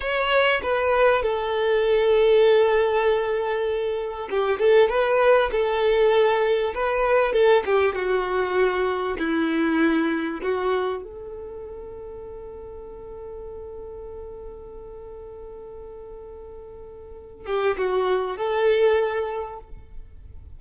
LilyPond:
\new Staff \with { instrumentName = "violin" } { \time 4/4 \tempo 4 = 98 cis''4 b'4 a'2~ | a'2. g'8 a'8 | b'4 a'2 b'4 | a'8 g'8 fis'2 e'4~ |
e'4 fis'4 a'2~ | a'1~ | a'1~ | a'8 g'8 fis'4 a'2 | }